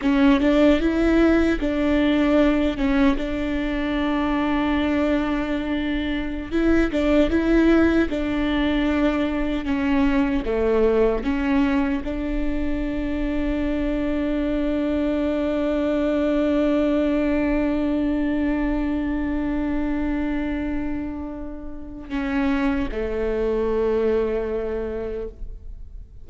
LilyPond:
\new Staff \with { instrumentName = "viola" } { \time 4/4 \tempo 4 = 76 cis'8 d'8 e'4 d'4. cis'8 | d'1~ | d'16 e'8 d'8 e'4 d'4.~ d'16~ | d'16 cis'4 a4 cis'4 d'8.~ |
d'1~ | d'1~ | d'1 | cis'4 a2. | }